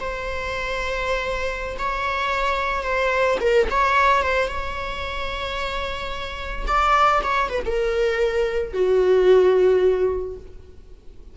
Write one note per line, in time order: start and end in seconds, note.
0.00 1.77 C5
1.79 2.83 C#5
2.83 3.38 C5
3.40 3.68 A#4
3.70 4.22 C#5
4.22 4.48 C5
4.48 6.66 C#5
6.67 7.22 D5
7.23 7.49 C#5
7.49 7.63 B4
7.66 8.73 A#4
8.73 10.37 F#4